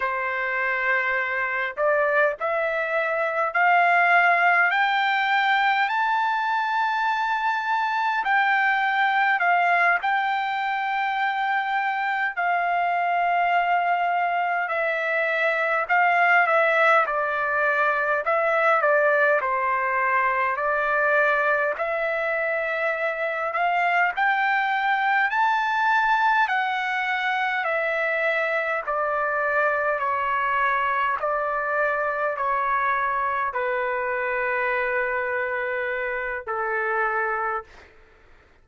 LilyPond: \new Staff \with { instrumentName = "trumpet" } { \time 4/4 \tempo 4 = 51 c''4. d''8 e''4 f''4 | g''4 a''2 g''4 | f''8 g''2 f''4.~ | f''8 e''4 f''8 e''8 d''4 e''8 |
d''8 c''4 d''4 e''4. | f''8 g''4 a''4 fis''4 e''8~ | e''8 d''4 cis''4 d''4 cis''8~ | cis''8 b'2~ b'8 a'4 | }